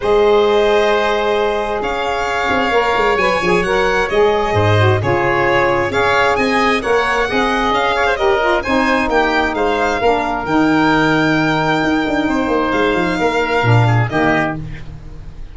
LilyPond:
<<
  \new Staff \with { instrumentName = "violin" } { \time 4/4 \tempo 4 = 132 dis''1 | f''2. gis''4 | fis''4 dis''2 cis''4~ | cis''4 f''4 gis''4 fis''4~ |
fis''4 f''4 dis''4 gis''4 | g''4 f''2 g''4~ | g''1 | f''2. dis''4 | }
  \new Staff \with { instrumentName = "oboe" } { \time 4/4 c''1 | cis''1~ | cis''2 c''4 gis'4~ | gis'4 cis''4 dis''4 cis''4 |
dis''4. cis''16 c''16 ais'4 c''4 | g'4 c''4 ais'2~ | ais'2. c''4~ | c''4 ais'4. gis'8 g'4 | }
  \new Staff \with { instrumentName = "saxophone" } { \time 4/4 gis'1~ | gis'2 ais'4 b'8 gis'8 | ais'4 gis'4. fis'8 f'4~ | f'4 gis'2 ais'4 |
gis'2 g'8 f'8 dis'4~ | dis'2 d'4 dis'4~ | dis'1~ | dis'2 d'4 ais4 | }
  \new Staff \with { instrumentName = "tuba" } { \time 4/4 gis1 | cis'4. c'8 ais8 gis8 fis8 f8 | fis4 gis4 gis,4 cis4~ | cis4 cis'4 c'4 ais4 |
c'4 cis'2 c'4 | ais4 gis4 ais4 dis4~ | dis2 dis'8 d'8 c'8 ais8 | gis8 f8 ais4 ais,4 dis4 | }
>>